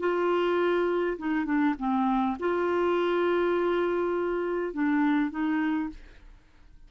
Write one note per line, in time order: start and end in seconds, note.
0.00 1.18 F4
1.18 1.45 D#4
1.45 1.75 D4
1.79 2.37 C4
2.40 4.74 F4
4.74 5.31 D4
5.31 5.90 D#4